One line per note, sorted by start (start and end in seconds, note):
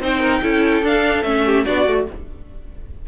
0.00 0.41 C4
0.00 0.42 D#4
0.00 0.20 C5
0.00 0.86 G5
0.20 0.41 A#4
0.42 0.83 C#4
0.42 0.83 E4
0.42 1.46 A4
0.83 1.24 D4
0.83 1.23 F5
1.23 1.65 A3
1.23 1.66 C#4
1.23 1.65 E5
1.46 1.65 G4
1.65 1.87 B3
1.65 1.86 D4
1.65 2.07 F#4
1.65 2.07 D5
1.87 2.07 A3
1.87 2.08 F#4